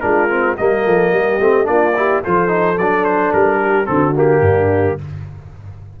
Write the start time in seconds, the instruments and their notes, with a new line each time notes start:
0.00 tuba G#3, trombone D4, horn F4, trumpet A#4
0.29 trombone C4
0.57 tuba G3, trombone A#3, horn A#4, trumpet D#5
0.85 tuba F3, horn A4
1.12 tuba G3, horn G4
1.40 tuba A3, trombone C4
1.64 tuba A#3, trombone D4, horn F4, trumpet D5
1.96 trombone E4, horn G4
2.22 tuba F3, trombone F4, horn A4, trumpet C5
2.47 trombone D#4
2.77 tuba F#3, trombone D4, trumpet D5
3.04 trumpet C5
3.32 tuba G3, trumpet A#4
3.61 horn G4
3.85 tuba D3, trombone C4, horn F#4, trumpet A4
4.15 trombone A#3, trumpet G4
4.40 tuba G2, horn D4